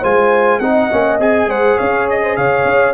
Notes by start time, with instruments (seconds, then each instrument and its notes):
0.00 tuba G#3, trombone F4, horn C5, trumpet G#5
0.59 tuba C4, trombone D#4, horn D#5, trumpet F#5
0.91 tuba A#3, trombone C#4
1.19 tuba C4, trombone G#4, trumpet G#5
1.46 tuba G#3, horn C5, trumpet F#5
1.77 tuba C#4, horn C#5, trumpet F5
2.09 trumpet D#5
2.22 horn C5
2.36 tuba C#3, horn C#5, trumpet F5
2.64 tuba C#4